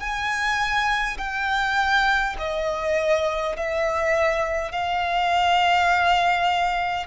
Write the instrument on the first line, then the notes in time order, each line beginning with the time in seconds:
violin
0.00 G#5
1.18 G5
2.39 D#5
3.57 E5
4.72 F5